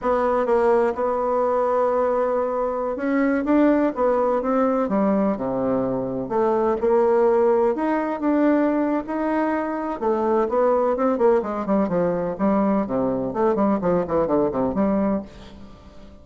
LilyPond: \new Staff \with { instrumentName = "bassoon" } { \time 4/4 \tempo 4 = 126 b4 ais4 b2~ | b2~ b16 cis'4 d'8.~ | d'16 b4 c'4 g4 c8.~ | c4~ c16 a4 ais4.~ ais16~ |
ais16 dis'4 d'4.~ d'16 dis'4~ | dis'4 a4 b4 c'8 ais8 | gis8 g8 f4 g4 c4 | a8 g8 f8 e8 d8 c8 g4 | }